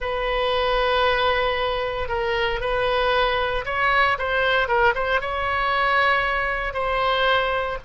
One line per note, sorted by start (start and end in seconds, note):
0.00 2.08 B4
2.08 2.60 A#4
2.60 3.64 B4
3.65 4.17 C#5
4.18 4.68 C5
4.68 4.94 A#4
4.94 5.20 C5
5.20 6.73 C#5
6.73 7.78 C5